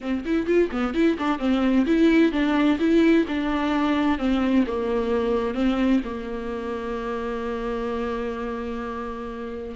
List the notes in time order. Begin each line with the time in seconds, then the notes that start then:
0.01 C4
0.25 E4
0.46 F4
0.71 B3
0.93 E4
1.18 D4
1.38 C4
1.85 E4
2.32 D4
2.79 E4
3.27 D4
4.18 C4
4.66 A#3
5.54 C4
6.04 A#3